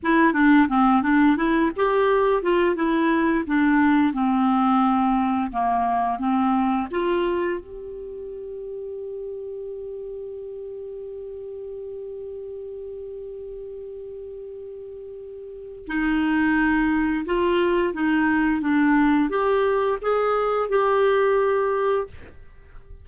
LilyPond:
\new Staff \with { instrumentName = "clarinet" } { \time 4/4 \tempo 4 = 87 e'8 d'8 c'8 d'8 e'8 g'4 f'8 | e'4 d'4 c'2 | ais4 c'4 f'4 g'4~ | g'1~ |
g'1~ | g'2. dis'4~ | dis'4 f'4 dis'4 d'4 | g'4 gis'4 g'2 | }